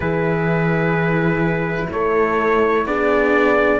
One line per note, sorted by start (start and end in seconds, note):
0.00 1.86 E3
0.00 2.87 E4
0.00 1.88 G#4
0.00 1.90 B4
1.91 2.85 A3
1.91 2.86 A4
1.91 2.86 C#5
2.85 3.80 B3
2.85 3.80 D4
2.85 3.80 G#4
2.85 3.80 D5